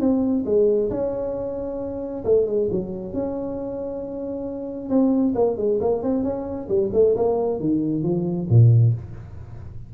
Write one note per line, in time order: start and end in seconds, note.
0.00 0.44 C4
0.45 0.89 G#3
0.90 2.23 C#4
2.24 2.46 A3
2.46 2.68 G#3
2.71 3.13 F#3
3.13 4.89 C#4
4.89 5.34 C4
5.35 5.57 A#3
5.57 5.79 G#3
5.80 6.02 A#3
6.02 6.23 C4
6.23 6.68 C#4
6.68 6.90 G3
6.93 7.15 A3
7.16 7.59 A#3
7.59 8.03 D#3
8.03 8.47 F3
8.49 8.93 A#2